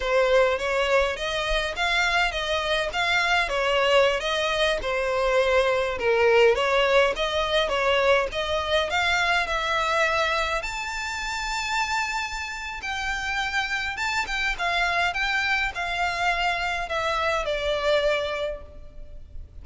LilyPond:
\new Staff \with { instrumentName = "violin" } { \time 4/4 \tempo 4 = 103 c''4 cis''4 dis''4 f''4 | dis''4 f''4 cis''4~ cis''16 dis''8.~ | dis''16 c''2 ais'4 cis''8.~ | cis''16 dis''4 cis''4 dis''4 f''8.~ |
f''16 e''2 a''4.~ a''16~ | a''2 g''2 | a''8 g''8 f''4 g''4 f''4~ | f''4 e''4 d''2 | }